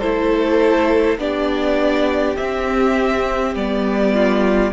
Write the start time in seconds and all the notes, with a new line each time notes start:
0.00 A3 E4 A4 C5
1.18 B3 D4 G4 D5
2.37 C4 E5
3.55 G3 B3 D5
4.14 F4